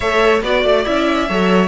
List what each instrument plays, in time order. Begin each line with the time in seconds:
0.00 cello A3, viola A4, violin C#5 E5
0.42 cello B3, viola F#4, violin D5
0.63 cello A3
0.85 cello C#4, viola E4, violin E5
1.29 cello F#3, viola A4, violin C#5